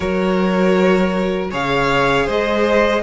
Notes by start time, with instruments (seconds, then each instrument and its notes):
0.00 cello F#3, viola F#4, violin A#4 C#5
1.50 cello C#3, viola G#4, violin C#5 F5
2.26 cello G#3, violin C5 D#5